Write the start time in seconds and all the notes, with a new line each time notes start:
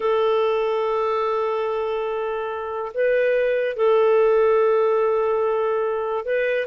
0.00 A4
2.94 B4
3.76 A4
6.25 B4